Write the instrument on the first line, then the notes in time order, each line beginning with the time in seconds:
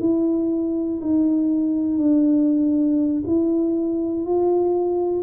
tuba
0.00 E4
1.00 D#4
1.98 D4
3.26 E4
4.25 F4